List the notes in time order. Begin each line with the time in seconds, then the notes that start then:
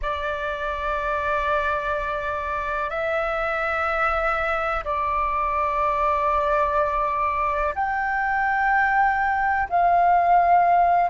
0.02 D5
2.90 E5
4.84 D5
7.74 G5
9.69 F5